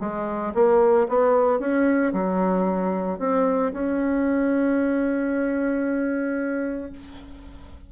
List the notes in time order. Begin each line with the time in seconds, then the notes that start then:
0.00 G#3
0.54 A#3
1.09 B3
1.60 C#4
2.13 F#3
3.19 C4
3.73 C#4